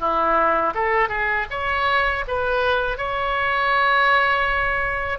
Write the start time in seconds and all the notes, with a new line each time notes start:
0.00 E4
0.75 A4
1.09 G#4
1.51 C#5
2.28 B4
2.98 C#5